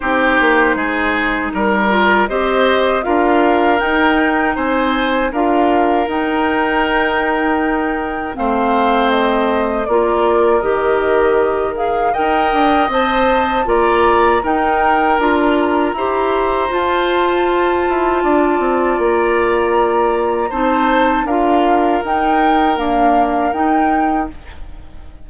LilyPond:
<<
  \new Staff \with { instrumentName = "flute" } { \time 4/4 \tempo 4 = 79 c''2 ais'4 dis''4 | f''4 g''4 gis''4 f''4 | g''2. f''4 | dis''4 d''4 dis''4. f''8 |
g''4 a''4 ais''4 g''4 | ais''2 a''2~ | a''4 ais''2 a''4 | f''4 g''4 f''4 g''4 | }
  \new Staff \with { instrumentName = "oboe" } { \time 4/4 g'4 gis'4 ais'4 c''4 | ais'2 c''4 ais'4~ | ais'2. c''4~ | c''4 ais'2. |
dis''2 d''4 ais'4~ | ais'4 c''2. | d''2. c''4 | ais'1 | }
  \new Staff \with { instrumentName = "clarinet" } { \time 4/4 dis'2~ dis'8 f'8 g'4 | f'4 dis'2 f'4 | dis'2. c'4~ | c'4 f'4 g'4. gis'8 |
ais'4 c''4 f'4 dis'4 | f'4 g'4 f'2~ | f'2. dis'4 | f'4 dis'4 ais4 dis'4 | }
  \new Staff \with { instrumentName = "bassoon" } { \time 4/4 c'8 ais8 gis4 g4 c'4 | d'4 dis'4 c'4 d'4 | dis'2. a4~ | a4 ais4 dis2 |
dis'8 d'8 c'4 ais4 dis'4 | d'4 e'4 f'4. e'8 | d'8 c'8 ais2 c'4 | d'4 dis'4 d'4 dis'4 | }
>>